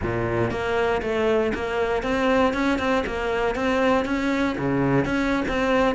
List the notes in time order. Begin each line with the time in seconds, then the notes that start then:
0.02 A#2
0.50 A#3
1.02 A3
1.54 A#3
2.02 C4
2.53 C#4
2.78 C4
3.06 A#3
3.55 C4
4.05 C#4
4.58 C#3
5.05 C#4
5.48 C4